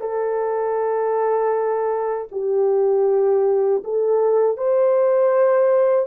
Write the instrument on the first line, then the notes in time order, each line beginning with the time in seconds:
horn
0.00 A4
2.31 G4
3.84 A4
4.57 C5